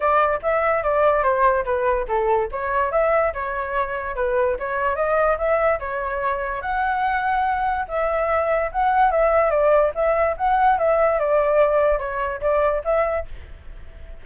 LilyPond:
\new Staff \with { instrumentName = "flute" } { \time 4/4 \tempo 4 = 145 d''4 e''4 d''4 c''4 | b'4 a'4 cis''4 e''4 | cis''2 b'4 cis''4 | dis''4 e''4 cis''2 |
fis''2. e''4~ | e''4 fis''4 e''4 d''4 | e''4 fis''4 e''4 d''4~ | d''4 cis''4 d''4 e''4 | }